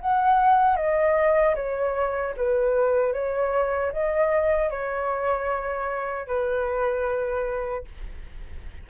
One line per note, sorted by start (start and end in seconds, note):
0.00 0.76 F#5
0.76 1.55 D#5
1.55 2.34 C#5
2.36 3.13 B4
3.13 3.92 C#5
3.92 4.70 D#5
4.70 6.27 C#5
6.27 7.84 B4